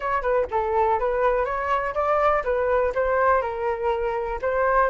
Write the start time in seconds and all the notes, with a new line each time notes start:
0.00 C#5
0.22 B4
0.50 A4
0.99 B4
1.45 C#5
1.94 D5
2.44 B4
2.94 C5
3.41 A#4
4.41 C5